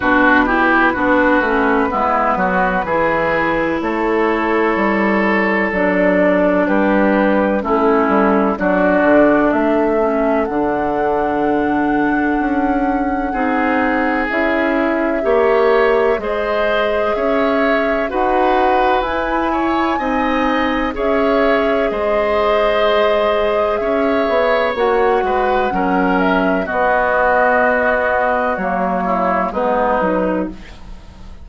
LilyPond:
<<
  \new Staff \with { instrumentName = "flute" } { \time 4/4 \tempo 4 = 63 b'1 | cis''2 d''4 b'4 | a'4 d''4 e''4 fis''4~ | fis''2. e''4~ |
e''4 dis''4 e''4 fis''4 | gis''2 e''4 dis''4~ | dis''4 e''4 fis''4. e''8 | dis''2 cis''4 b'4 | }
  \new Staff \with { instrumentName = "oboe" } { \time 4/4 fis'8 g'8 fis'4 e'8 fis'8 gis'4 | a'2. g'4 | e'4 fis'4 a'2~ | a'2 gis'2 |
cis''4 c''4 cis''4 b'4~ | b'8 cis''8 dis''4 cis''4 c''4~ | c''4 cis''4. b'8 ais'4 | fis'2~ fis'8 e'8 dis'4 | }
  \new Staff \with { instrumentName = "clarinet" } { \time 4/4 d'8 e'8 d'8 cis'8 b4 e'4~ | e'2 d'2 | cis'4 d'4. cis'8 d'4~ | d'2 dis'4 e'4 |
g'4 gis'2 fis'4 | e'4 dis'4 gis'2~ | gis'2 fis'4 cis'4 | b2 ais4 b8 dis'8 | }
  \new Staff \with { instrumentName = "bassoon" } { \time 4/4 b,4 b8 a8 gis8 fis8 e4 | a4 g4 fis4 g4 | a8 g8 fis8 d8 a4 d4~ | d4 cis'4 c'4 cis'4 |
ais4 gis4 cis'4 dis'4 | e'4 c'4 cis'4 gis4~ | gis4 cis'8 b8 ais8 gis8 fis4 | b2 fis4 gis8 fis8 | }
>>